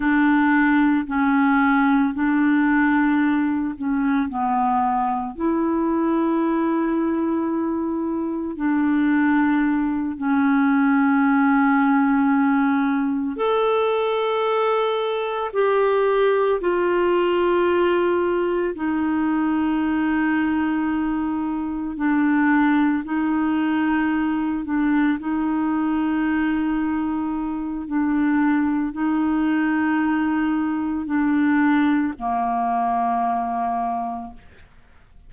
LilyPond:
\new Staff \with { instrumentName = "clarinet" } { \time 4/4 \tempo 4 = 56 d'4 cis'4 d'4. cis'8 | b4 e'2. | d'4. cis'2~ cis'8~ | cis'8 a'2 g'4 f'8~ |
f'4. dis'2~ dis'8~ | dis'8 d'4 dis'4. d'8 dis'8~ | dis'2 d'4 dis'4~ | dis'4 d'4 ais2 | }